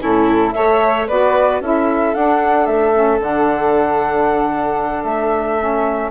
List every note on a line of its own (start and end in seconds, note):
0.00 0.57 A2
0.00 0.53 C#4
0.00 0.56 E4
0.00 0.53 A4
0.53 1.10 A3
0.53 1.08 A4
0.53 1.08 C#5
0.53 1.06 E5
1.08 1.61 B3
1.08 1.62 F#4
1.08 1.61 B4
1.08 1.62 D5
1.61 2.14 C#4
1.61 2.15 E4
1.61 6.11 A4
1.61 2.15 E5
2.15 2.67 D4
2.15 2.94 D4
2.15 2.66 F#5
2.66 3.20 A3
2.66 3.20 E5
2.94 3.21 C#4
3.21 5.04 D3
3.21 5.59 D4
3.21 5.04 F#5
5.04 6.10 A3
5.04 6.11 E5
5.59 6.11 C#4